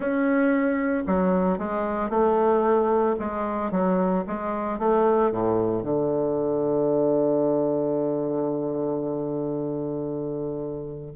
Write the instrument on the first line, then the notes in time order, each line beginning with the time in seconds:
bassoon
0.00 C#4
1.06 F#3
1.58 G#3
2.09 A3
3.19 G#3
3.71 F#3
4.27 G#3
4.78 A3
5.31 A2
5.83 D3